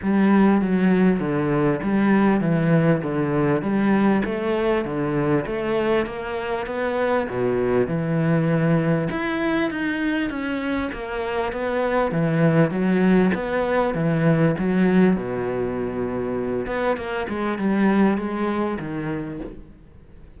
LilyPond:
\new Staff \with { instrumentName = "cello" } { \time 4/4 \tempo 4 = 99 g4 fis4 d4 g4 | e4 d4 g4 a4 | d4 a4 ais4 b4 | b,4 e2 e'4 |
dis'4 cis'4 ais4 b4 | e4 fis4 b4 e4 | fis4 b,2~ b,8 b8 | ais8 gis8 g4 gis4 dis4 | }